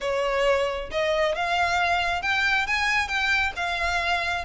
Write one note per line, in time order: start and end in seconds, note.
0.01 0.89 C#5
0.91 1.35 D#5
1.35 2.22 F5
2.22 2.66 G5
2.66 3.08 G#5
3.08 3.52 G5
3.56 4.44 F5